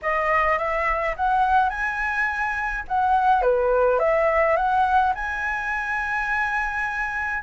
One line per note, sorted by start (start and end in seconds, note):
0.02 0.58 D#5
0.58 1.15 E5
1.16 1.69 F#5
1.69 2.84 G#5
2.88 3.42 F#5
3.42 3.99 B4
3.99 4.56 E5
4.56 5.13 F#5
5.14 7.43 G#5